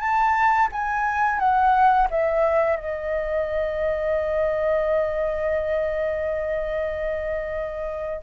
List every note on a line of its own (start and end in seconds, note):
0.00 0.68 A5
0.72 1.39 G#5
1.39 2.07 F#5
2.10 2.76 E5
2.76 8.22 D#5